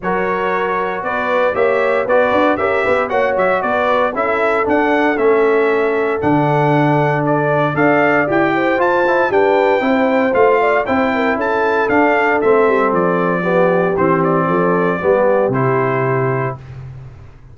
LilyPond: <<
  \new Staff \with { instrumentName = "trumpet" } { \time 4/4 \tempo 4 = 116 cis''2 d''4 e''4 | d''4 e''4 fis''8 e''8 d''4 | e''4 fis''4 e''2 | fis''2 d''4 f''4 |
g''4 a''4 g''2 | f''4 g''4 a''4 f''4 | e''4 d''2 c''8 d''8~ | d''2 c''2 | }
  \new Staff \with { instrumentName = "horn" } { \time 4/4 ais'2 b'4 cis''4 | b'4 ais'8 b'8 cis''4 b'4 | a'1~ | a'2. d''4~ |
d''8 c''4. b'4 c''4~ | c''8 d''8 c''8 ais'8 a'2~ | a'2 g'2 | a'4 g'2. | }
  \new Staff \with { instrumentName = "trombone" } { \time 4/4 fis'2. g'4 | fis'4 g'4 fis'2 | e'4 d'4 cis'2 | d'2. a'4 |
g'4 f'8 e'8 d'4 e'4 | f'4 e'2 d'4 | c'2 b4 c'4~ | c'4 b4 e'2 | }
  \new Staff \with { instrumentName = "tuba" } { \time 4/4 fis2 b4 ais4 | b8 d'8 cis'8 b8 ais8 fis8 b4 | cis'4 d'4 a2 | d2. d'4 |
e'4 f'4 g'4 c'4 | a4 c'4 cis'4 d'4 | a8 g8 f2 e4 | f4 g4 c2 | }
>>